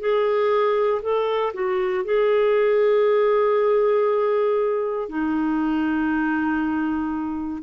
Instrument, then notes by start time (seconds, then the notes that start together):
clarinet
0.00 G#4
1.02 A4
1.53 F#4
2.04 G#4
5.08 D#4